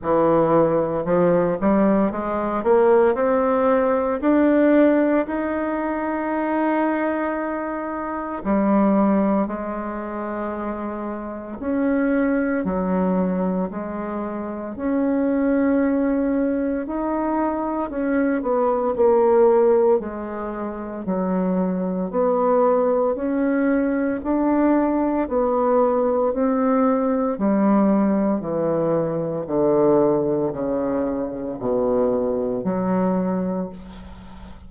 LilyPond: \new Staff \with { instrumentName = "bassoon" } { \time 4/4 \tempo 4 = 57 e4 f8 g8 gis8 ais8 c'4 | d'4 dis'2. | g4 gis2 cis'4 | fis4 gis4 cis'2 |
dis'4 cis'8 b8 ais4 gis4 | fis4 b4 cis'4 d'4 | b4 c'4 g4 e4 | d4 cis4 b,4 fis4 | }